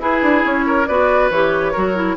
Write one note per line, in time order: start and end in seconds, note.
0.00 0.86 E4
0.00 0.22 E4
0.00 0.66 G#4
0.00 0.45 B4
0.22 0.44 D4
0.45 0.89 C#4
0.45 0.87 C#5
0.67 0.88 A#4
0.87 1.31 B3
0.87 1.32 F#4
0.87 1.73 B4
0.87 1.30 D5
1.31 1.74 E3
1.31 1.75 G4
1.31 2.17 C#5
1.73 2.18 F#3
1.73 1.96 F#4
1.73 2.16 A#4
1.96 2.18 E4